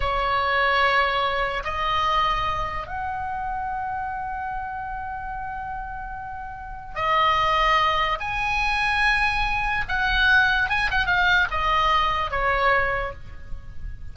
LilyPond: \new Staff \with { instrumentName = "oboe" } { \time 4/4 \tempo 4 = 146 cis''1 | dis''2. fis''4~ | fis''1~ | fis''1~ |
fis''4 dis''2. | gis''1 | fis''2 gis''8 fis''8 f''4 | dis''2 cis''2 | }